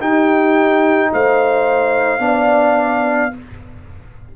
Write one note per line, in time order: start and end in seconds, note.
0.00 1.11 D#4
0.00 2.20 D#4
0.00 1.11 G4
0.00 1.12 G5
1.13 2.19 A3
1.13 2.24 C5
1.13 3.36 F5
2.19 3.31 B3
2.19 3.31 D4
2.19 3.36 D5